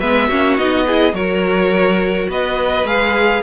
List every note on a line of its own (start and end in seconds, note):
0.00 0.30 G#3
0.00 0.30 B3
0.00 0.28 B4
0.00 0.57 E5
0.28 0.58 A#3
0.28 0.58 C#4
0.28 0.85 F#4
0.57 1.13 B3
0.57 0.87 D#4
0.57 1.15 D#5
0.87 1.14 E4
0.87 1.15 G#4
1.13 2.27 F#3
1.13 2.85 F#4
1.13 2.29 A#4
1.13 2.29 C#5
2.29 2.84 B3
2.29 3.43 B4
2.29 2.87 D#5
2.84 3.41 G#3
2.84 3.43 G#4
2.84 3.43 F5